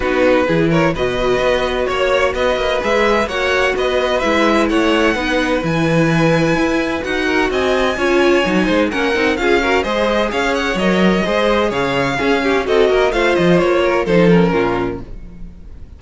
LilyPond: <<
  \new Staff \with { instrumentName = "violin" } { \time 4/4 \tempo 4 = 128 b'4. cis''8 dis''2 | cis''4 dis''4 e''4 fis''4 | dis''4 e''4 fis''2 | gis''2. fis''4 |
gis''2. fis''4 | f''4 dis''4 f''8 fis''8 dis''4~ | dis''4 f''2 dis''4 | f''8 dis''8 cis''4 c''8 ais'4. | }
  \new Staff \with { instrumentName = "violin" } { \time 4/4 fis'4 gis'8 ais'8 b'2 | cis''4 b'2 cis''4 | b'2 cis''4 b'4~ | b'2.~ b'8 ais'8 |
dis''4 cis''4. c''8 ais'4 | gis'8 ais'8 c''4 cis''2 | c''4 cis''4 gis'8 g'8 a'8 ais'8 | c''4. ais'8 a'4 f'4 | }
  \new Staff \with { instrumentName = "viola" } { \time 4/4 dis'4 e'4 fis'2~ | fis'2 gis'4 fis'4~ | fis'4 e'2 dis'4 | e'2. fis'4~ |
fis'4 f'4 dis'4 cis'8 dis'8 | f'8 fis'8 gis'2 ais'4 | gis'2 cis'4 fis'4 | f'2 dis'8 cis'4. | }
  \new Staff \with { instrumentName = "cello" } { \time 4/4 b4 e4 b,4 b4 | ais4 b8 ais8 gis4 ais4 | b4 gis4 a4 b4 | e2 e'4 dis'4 |
c'4 cis'4 fis8 gis8 ais8 c'8 | cis'4 gis4 cis'4 fis4 | gis4 cis4 cis'4 c'8 ais8 | a8 f8 ais4 f4 ais,4 | }
>>